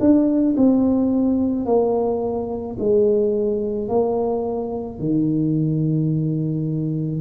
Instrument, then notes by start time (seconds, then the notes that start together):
tuba
0.00 D4
0.56 C4
1.65 A#3
2.79 G#3
3.88 A#3
4.98 D#3